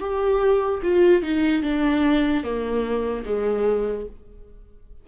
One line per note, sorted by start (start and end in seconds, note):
0.00 0.81 G4
0.83 1.23 F4
1.23 1.63 D#4
1.63 2.44 D4
2.44 3.25 A#3
3.25 4.07 G#3